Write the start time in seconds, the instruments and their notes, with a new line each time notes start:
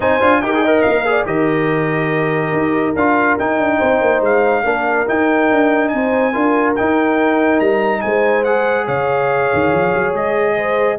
0.00 tuba C4, trombone D#4, horn C5, trumpet G#5
0.21 tuba D4, trombone F4
0.42 tuba D#4, trombone G4, horn A#4, trumpet G5
0.54 trombone G#4
0.61 trombone A#4, horn D#5
0.82 tuba A#3, trumpet F5
1.05 trombone G#4, horn D5
1.25 tuba D#3, trombone G4, horn A#4, trumpet D#5
2.52 tuba D#4
2.95 tuba D4, trombone F4, trumpet F5
3.39 tuba D#4, trombone D#4, trumpet G5
3.58 tuba D4
3.78 tuba C4, horn C5
4.01 tuba A#3
4.21 tuba G#3, trumpet F5
4.63 tuba A#3, trombone D4, horn A#4
5.07 trombone D#4, tuba D#4, trumpet G5
5.51 tuba D4
5.88 tuba C4, horn C5, trumpet G#5
6.32 tuba D4, trombone F4, horn A#4
6.75 trombone D#4, tuba D#4, trumpet G5
7.60 tuba G3, trumpet A#5
8.01 tuba G#3, horn C5, trumpet G#5
8.44 trombone G#4, trumpet F#5
8.85 tuba C#3, horn C#5, trumpet F5
9.53 tuba D#3
9.72 tuba F3
9.94 tuba F#3
10.13 tuba G#3, trumpet D#5
10.56 horn C5